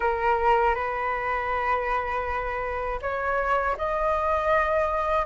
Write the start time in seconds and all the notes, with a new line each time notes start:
0.00 A#4
0.75 B4
3.01 C#5
3.77 D#5